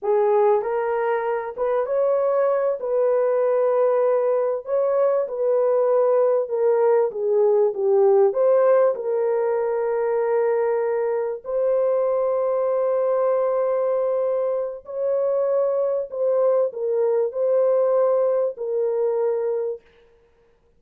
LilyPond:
\new Staff \with { instrumentName = "horn" } { \time 4/4 \tempo 4 = 97 gis'4 ais'4. b'8 cis''4~ | cis''8 b'2. cis''8~ | cis''8 b'2 ais'4 gis'8~ | gis'8 g'4 c''4 ais'4.~ |
ais'2~ ais'8 c''4.~ | c''1 | cis''2 c''4 ais'4 | c''2 ais'2 | }